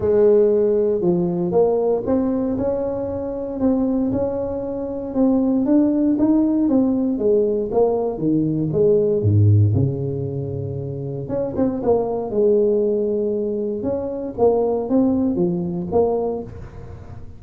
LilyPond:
\new Staff \with { instrumentName = "tuba" } { \time 4/4 \tempo 4 = 117 gis2 f4 ais4 | c'4 cis'2 c'4 | cis'2 c'4 d'4 | dis'4 c'4 gis4 ais4 |
dis4 gis4 gis,4 cis4~ | cis2 cis'8 c'8 ais4 | gis2. cis'4 | ais4 c'4 f4 ais4 | }